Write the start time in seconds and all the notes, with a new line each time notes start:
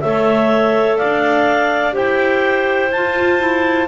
0.00 A3 A4 C#5 E5
0.97 D5 F5
1.03 D4
1.92 E4 G4 C5 G5
2.91 F4 A5
3.39 E4